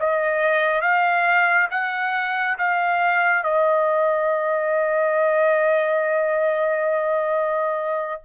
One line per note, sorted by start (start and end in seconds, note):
0.00 0.82 D#5
0.82 1.69 F5
1.71 2.58 F#5
2.58 3.44 F5
3.44 8.22 D#5